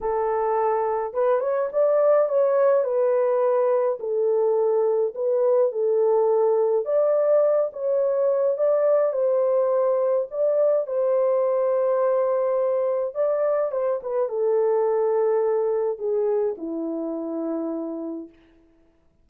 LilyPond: \new Staff \with { instrumentName = "horn" } { \time 4/4 \tempo 4 = 105 a'2 b'8 cis''8 d''4 | cis''4 b'2 a'4~ | a'4 b'4 a'2 | d''4. cis''4. d''4 |
c''2 d''4 c''4~ | c''2. d''4 | c''8 b'8 a'2. | gis'4 e'2. | }